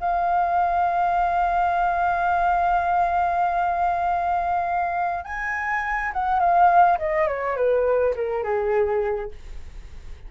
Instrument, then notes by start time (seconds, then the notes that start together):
flute
0.00 F5
5.25 G#5
6.13 F#5
6.40 F5
6.98 D#5
7.27 C#5
7.56 B4
8.16 A#4
8.44 G#4